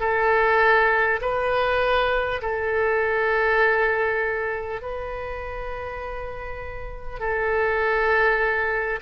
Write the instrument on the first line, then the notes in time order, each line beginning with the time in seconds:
oboe
0.00 A4
1.21 B4
2.41 A4
4.81 B4
7.19 A4